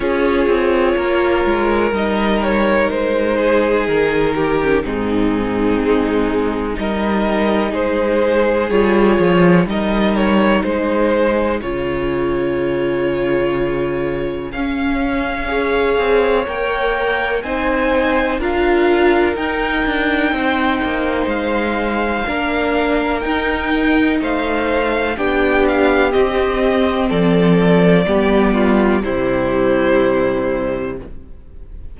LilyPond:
<<
  \new Staff \with { instrumentName = "violin" } { \time 4/4 \tempo 4 = 62 cis''2 dis''8 cis''8 c''4 | ais'4 gis'2 dis''4 | c''4 cis''4 dis''8 cis''8 c''4 | cis''2. f''4~ |
f''4 g''4 gis''4 f''4 | g''2 f''2 | g''4 f''4 g''8 f''8 dis''4 | d''2 c''2 | }
  \new Staff \with { instrumentName = "violin" } { \time 4/4 gis'4 ais'2~ ais'8 gis'8~ | gis'8 g'8 dis'2 ais'4 | gis'2 ais'4 gis'4~ | gis'1 |
cis''2 c''4 ais'4~ | ais'4 c''2 ais'4~ | ais'4 c''4 g'2 | a'4 g'8 f'8 e'2 | }
  \new Staff \with { instrumentName = "viola" } { \time 4/4 f'2 dis'2~ | dis'8. cis'16 c'2 dis'4~ | dis'4 f'4 dis'2 | f'2. cis'4 |
gis'4 ais'4 dis'4 f'4 | dis'2. d'4 | dis'2 d'4 c'4~ | c'4 b4 g2 | }
  \new Staff \with { instrumentName = "cello" } { \time 4/4 cis'8 c'8 ais8 gis8 g4 gis4 | dis4 gis,4 gis4 g4 | gis4 g8 f8 g4 gis4 | cis2. cis'4~ |
cis'8 c'8 ais4 c'4 d'4 | dis'8 d'8 c'8 ais8 gis4 ais4 | dis'4 a4 b4 c'4 | f4 g4 c2 | }
>>